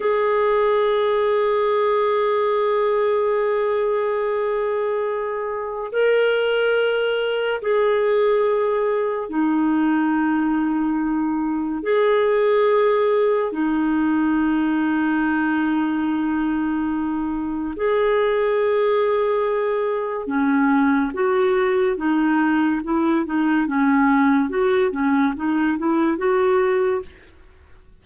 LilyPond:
\new Staff \with { instrumentName = "clarinet" } { \time 4/4 \tempo 4 = 71 gis'1~ | gis'2. ais'4~ | ais'4 gis'2 dis'4~ | dis'2 gis'2 |
dis'1~ | dis'4 gis'2. | cis'4 fis'4 dis'4 e'8 dis'8 | cis'4 fis'8 cis'8 dis'8 e'8 fis'4 | }